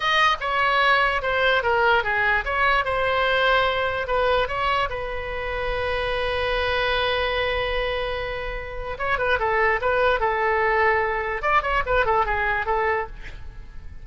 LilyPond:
\new Staff \with { instrumentName = "oboe" } { \time 4/4 \tempo 4 = 147 dis''4 cis''2 c''4 | ais'4 gis'4 cis''4 c''4~ | c''2 b'4 cis''4 | b'1~ |
b'1~ | b'2 cis''8 b'8 a'4 | b'4 a'2. | d''8 cis''8 b'8 a'8 gis'4 a'4 | }